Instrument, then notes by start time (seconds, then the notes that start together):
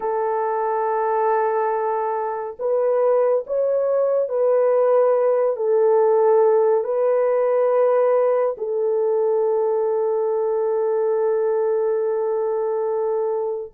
horn
0.00 A4
2.59 B4
3.46 C#5
4.29 B4
5.56 A4
6.84 B4
8.57 A4